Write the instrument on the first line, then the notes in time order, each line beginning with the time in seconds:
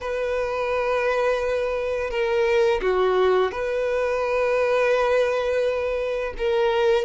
violin
0.00 B4
2.10 A#4
2.81 F#4
3.51 B4
6.37 A#4